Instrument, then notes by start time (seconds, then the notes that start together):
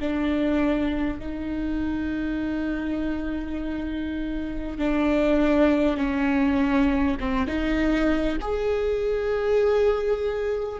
viola
0.00 D4
1.19 D#4
4.78 D4
5.97 C#4
7.20 C4
7.47 D#4
8.41 G#4